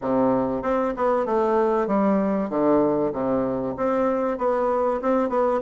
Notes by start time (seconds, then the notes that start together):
0.01 C3
0.62 C4
0.96 B3
1.25 A3
1.87 G3
2.49 D3
3.12 C3
3.76 C4
4.38 B3
5.01 C4
5.29 B3